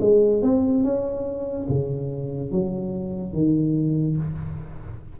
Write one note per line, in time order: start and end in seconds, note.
0.00 0.42 G#3
0.42 0.83 C4
0.83 1.67 C#4
1.68 2.51 C#3
2.51 3.33 F#3
3.33 4.16 D#3